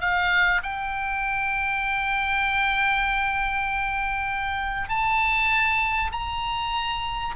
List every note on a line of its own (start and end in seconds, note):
0.00 0.61 F5
0.63 4.88 G5
4.88 6.11 A5
6.12 7.34 A#5